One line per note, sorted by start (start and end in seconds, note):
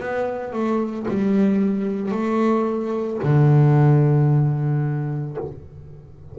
0.00 0.53 B3
0.53 1.07 A3
1.09 2.12 G3
2.12 3.19 A3
3.23 5.38 D3